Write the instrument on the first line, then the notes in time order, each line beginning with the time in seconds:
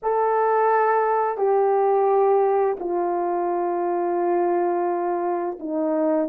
horn
0.02 A4
1.37 G4
2.79 F4
5.59 D#4